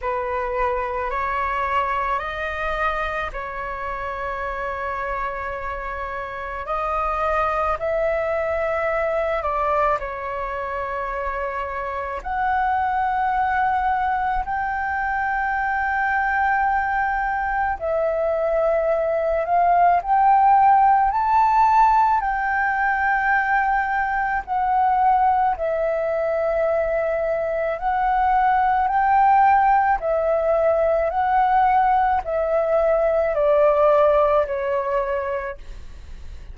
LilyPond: \new Staff \with { instrumentName = "flute" } { \time 4/4 \tempo 4 = 54 b'4 cis''4 dis''4 cis''4~ | cis''2 dis''4 e''4~ | e''8 d''8 cis''2 fis''4~ | fis''4 g''2. |
e''4. f''8 g''4 a''4 | g''2 fis''4 e''4~ | e''4 fis''4 g''4 e''4 | fis''4 e''4 d''4 cis''4 | }